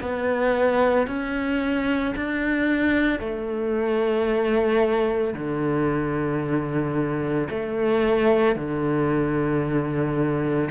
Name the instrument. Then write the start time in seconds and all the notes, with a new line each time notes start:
cello
0.00 B3
1.07 C#4
2.16 D4
3.19 A3
5.34 D3
7.50 A3
8.56 D3